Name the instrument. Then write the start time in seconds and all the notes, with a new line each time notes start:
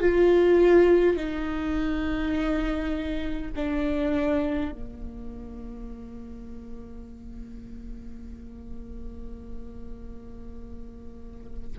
viola
0.00 F4
1.16 D#4
3.56 D4
4.72 A#3